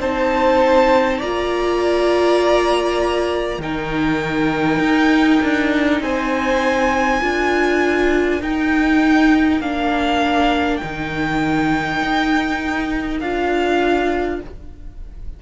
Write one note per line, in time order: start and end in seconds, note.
0.00 1.20 C4
0.00 1.23 D#4
0.00 1.19 C5
0.00 1.21 A5
1.19 3.58 A#3
1.19 3.62 F4
1.19 3.59 D5
1.19 3.61 A#5
3.58 4.79 D#3
3.58 7.21 D#4
3.58 6.03 A#4
3.58 6.02 G5
4.79 5.40 D#4
5.43 6.01 D4
6.01 7.21 C4
6.01 7.21 C5
6.01 8.42 G#5
7.21 8.42 D4
7.21 8.41 F4
7.21 14.42 A#4
8.42 9.61 D#4
8.42 9.62 D#4
8.42 9.62 G5
9.61 10.81 A#3
9.61 10.81 D4
9.61 10.78 F5
10.78 13.21 D#4
10.78 13.18 G5
10.84 12.02 D#3
12.02 13.21 D#4
13.20 14.41 D4
13.20 14.43 F4
13.20 14.40 F5